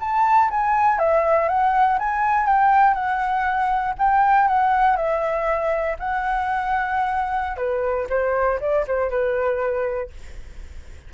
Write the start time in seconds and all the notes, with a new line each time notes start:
0.00 A5
0.50 G#5
0.99 E5
1.48 F#5
1.99 G#5
2.47 G5
2.94 F#5
3.99 G5
4.47 F#5
4.97 E5
5.99 F#5
7.57 B4
8.10 C5
8.60 D5
8.88 C5
9.10 B4